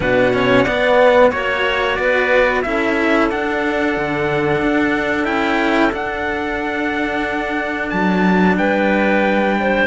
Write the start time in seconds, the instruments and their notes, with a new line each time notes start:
0.00 cello B2 D4, clarinet B4, trumpet F#5
0.33 cello C#4, clarinet C#5
0.64 cello B3, clarinet D5
1.31 cello A#3 F#4, trumpet C#5, clarinet C#5
1.95 cello B3, clarinet B4, trumpet D5
2.62 cello C#4 E4, clarinet A4, trumpet E5
3.30 cello D4, trumpet F#5
3.96 cello D3
4.62 cello D4
5.23 cello C#4 E4, trumpet G5
5.91 cello D4, trumpet F#5
7.89 cello F#3, trumpet A5
8.57 cello G3, clarinet B4, trumpet G5
9.60 clarinet C5